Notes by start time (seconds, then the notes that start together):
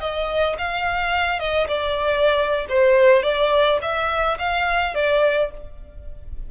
0.00 D#5
0.58 F5
1.39 D#5
1.67 D5
2.69 C5
3.22 D5
3.82 E5
4.38 F5
4.94 D5